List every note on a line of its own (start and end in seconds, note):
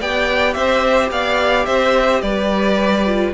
0.00 0.55 B3
0.00 3.06 G4
0.00 0.55 D5
0.00 0.53 G5
0.53 1.11 C4
0.53 1.11 C5
0.53 1.09 E5
1.11 1.66 B3
1.11 1.66 D5
1.11 1.65 F5
1.65 2.22 C4
1.65 2.21 C5
1.65 2.21 E5
2.21 3.33 G3
2.21 3.33 B4
2.21 3.32 D5
3.06 3.33 F4